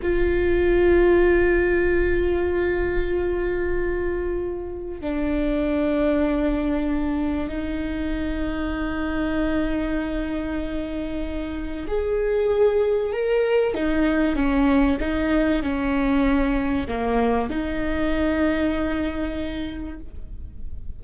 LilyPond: \new Staff \with { instrumentName = "viola" } { \time 4/4 \tempo 4 = 96 f'1~ | f'1 | d'1 | dis'1~ |
dis'2. gis'4~ | gis'4 ais'4 dis'4 cis'4 | dis'4 cis'2 ais4 | dis'1 | }